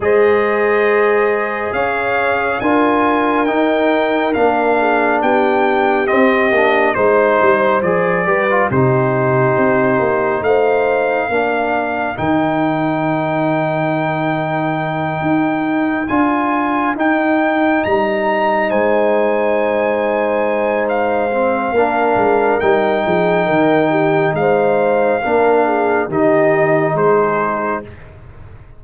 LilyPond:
<<
  \new Staff \with { instrumentName = "trumpet" } { \time 4/4 \tempo 4 = 69 dis''2 f''4 gis''4 | g''4 f''4 g''4 dis''4 | c''4 d''4 c''2 | f''2 g''2~ |
g''2~ g''8 gis''4 g''8~ | g''8 ais''4 gis''2~ gis''8 | f''2 g''2 | f''2 dis''4 c''4 | }
  \new Staff \with { instrumentName = "horn" } { \time 4/4 c''2 cis''4 ais'4~ | ais'4. gis'8 g'2 | c''4. b'8 g'2 | c''4 ais'2.~ |
ais'1~ | ais'4. c''2~ c''8~ | c''4 ais'4. gis'8 ais'8 g'8 | c''4 ais'8 gis'8 g'4 gis'4 | }
  \new Staff \with { instrumentName = "trombone" } { \time 4/4 gis'2. f'4 | dis'4 d'2 c'8 d'8 | dis'4 gis'8 g'16 f'16 dis'2~ | dis'4 d'4 dis'2~ |
dis'2~ dis'8 f'4 dis'8~ | dis'1~ | dis'8 c'8 d'4 dis'2~ | dis'4 d'4 dis'2 | }
  \new Staff \with { instrumentName = "tuba" } { \time 4/4 gis2 cis'4 d'4 | dis'4 ais4 b4 c'8 ais8 | gis8 g8 f8 g8 c4 c'8 ais8 | a4 ais4 dis2~ |
dis4. dis'4 d'4 dis'8~ | dis'8 g4 gis2~ gis8~ | gis4 ais8 gis8 g8 f8 dis4 | gis4 ais4 dis4 gis4 | }
>>